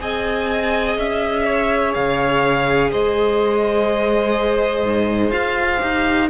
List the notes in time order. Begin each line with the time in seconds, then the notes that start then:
0.00 C4 G#4 D#5 G#5
0.98 C#4 E5
1.45 C#5
1.94 C#3 F5
2.91 G#3 C5 D#5
4.84 G#2
5.31 F4 F5
5.80 D#4 G4